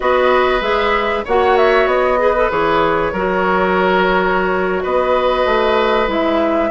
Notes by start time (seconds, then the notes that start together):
0.00 B3 F#4 B4 D#5
0.60 G#3 G#4 E5
1.24 A#3 F#4 C#5 F#5
1.57 E5
1.86 B3 D#5
2.18 G#4 B4
2.36 A4
2.50 E3 G#4 C#5
3.12 F#3 F#4 A#4
4.82 B3 B4 D#5
5.45 A3
6.07 G#3 E4 E5